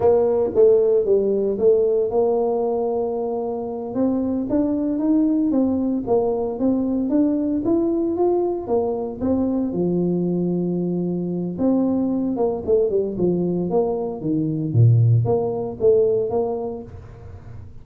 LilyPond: \new Staff \with { instrumentName = "tuba" } { \time 4/4 \tempo 4 = 114 ais4 a4 g4 a4 | ais2.~ ais8 c'8~ | c'8 d'4 dis'4 c'4 ais8~ | ais8 c'4 d'4 e'4 f'8~ |
f'8 ais4 c'4 f4.~ | f2 c'4. ais8 | a8 g8 f4 ais4 dis4 | ais,4 ais4 a4 ais4 | }